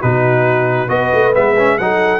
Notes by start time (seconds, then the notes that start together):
0.00 B2 D#4 F#4 B4
0.88 B3 F#4 B4 D#5
1.14 A3
1.34 G#3 B3 E5
1.57 C#4
1.78 F#3 D#4 A4 F#5